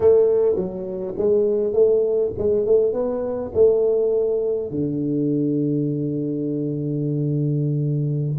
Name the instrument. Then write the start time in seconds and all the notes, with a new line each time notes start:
tuba
0.00 A3
0.55 F#3
1.17 G#3
1.73 A3
2.38 G#3
2.65 A3
2.92 B3
3.54 A3
4.70 D3